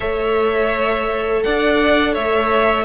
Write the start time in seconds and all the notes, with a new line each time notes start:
0.00 A3 A4 C#5 E5
1.42 D4 D5 F#5
2.12 A3 C#5 E5